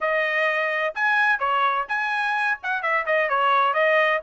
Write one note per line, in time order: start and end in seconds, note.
0.00 0.94 D#5
0.94 1.39 G#5
1.39 1.86 C#5
1.88 2.58 G#5
2.62 2.82 F#5
2.82 3.05 E5
3.06 3.29 D#5
3.29 3.73 C#5
3.73 4.20 D#5